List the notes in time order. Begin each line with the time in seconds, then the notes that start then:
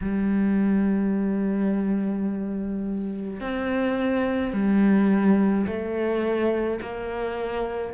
0.01 G3
3.40 C4
4.53 G3
5.66 A3
6.81 A#3